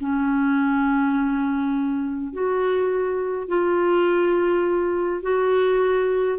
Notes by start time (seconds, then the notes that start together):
0.00 C#4
2.33 F#4
3.48 F4
5.22 F#4